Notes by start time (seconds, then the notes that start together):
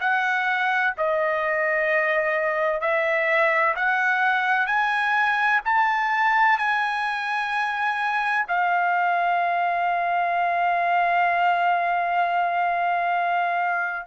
0.00 F#5
0.97 D#5
2.80 E5
3.76 F#5
4.67 G#5
5.65 A5
6.58 G#5
8.47 F5